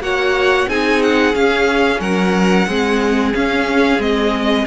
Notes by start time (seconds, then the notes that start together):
0.00 A#3 F#4 C#5 F#5
0.68 C4 D#4 G#4 G#5
1.03 F#5
1.34 C#4 F5
2.01 F#3 A#4 F#5
2.68 G#3 C4 G#4
3.35 C#4 F5
3.99 G#3 C4 D#5